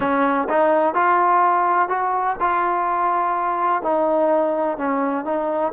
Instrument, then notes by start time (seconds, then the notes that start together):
trombone
0.00 C#4
0.48 D#4
0.94 F4
1.88 F#4
2.39 F4
3.82 D#4
4.77 C#4
5.24 D#4